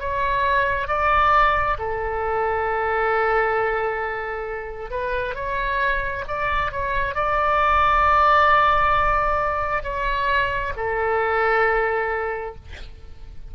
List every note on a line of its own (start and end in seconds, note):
0.00 0.88 C#5
0.88 1.77 D5
1.79 4.91 A4
4.91 5.35 B4
5.35 6.25 C#5
6.28 6.72 D5
6.72 7.15 C#5
7.15 9.84 D5
9.84 10.73 C#5
10.77 12.56 A4